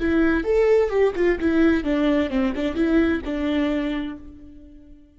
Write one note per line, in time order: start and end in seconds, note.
0.00 0.44 E4
0.44 0.90 A4
0.90 1.13 G4
1.16 1.39 F4
1.40 1.84 E4
1.84 2.30 D4
2.30 2.53 C4
2.55 2.75 D4
2.75 3.22 E4
3.25 4.18 D4